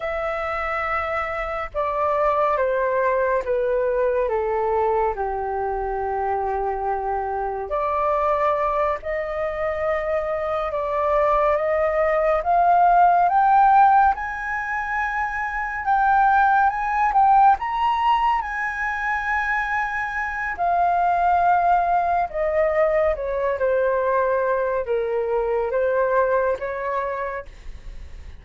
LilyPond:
\new Staff \with { instrumentName = "flute" } { \time 4/4 \tempo 4 = 70 e''2 d''4 c''4 | b'4 a'4 g'2~ | g'4 d''4. dis''4.~ | dis''8 d''4 dis''4 f''4 g''8~ |
g''8 gis''2 g''4 gis''8 | g''8 ais''4 gis''2~ gis''8 | f''2 dis''4 cis''8 c''8~ | c''4 ais'4 c''4 cis''4 | }